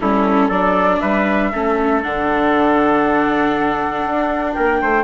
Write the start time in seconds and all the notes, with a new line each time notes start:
0.00 G3 C#4 E4 A4
0.48 F#3 D4 A4 D5
1.00 G3 B4 E5
1.52 A3 C#4 A4
2.02 D3 D4 F#5
4.05 D4
4.54 A#3 A#4 G5
4.82 A3 C5